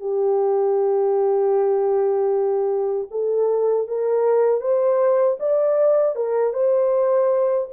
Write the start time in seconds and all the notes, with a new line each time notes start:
0.00 G4
3.11 A4
3.87 A#4
4.60 C5
5.40 D5
6.15 A#4
6.53 C5